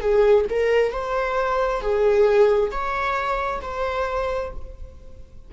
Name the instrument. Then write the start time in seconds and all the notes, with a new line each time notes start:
viola
0.00 G#4
0.49 A#4
0.92 C5
1.81 G#4
2.71 C#5
3.61 C5